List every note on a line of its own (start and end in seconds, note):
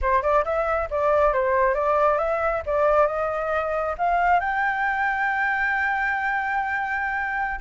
0.01 0.22 C5
0.22 0.44 D5
0.44 0.88 E5
0.90 1.33 D5
1.33 1.74 C5
1.74 2.18 D5
2.18 2.62 E5
2.66 3.07 D5
3.07 3.95 D#5
3.98 4.40 F5
4.40 7.60 G5